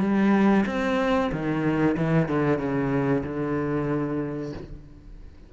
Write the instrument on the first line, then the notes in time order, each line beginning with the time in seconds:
cello
0.00 G3
0.66 C4
1.32 D#3
1.96 E3
2.28 D3
2.58 C#3
3.24 D3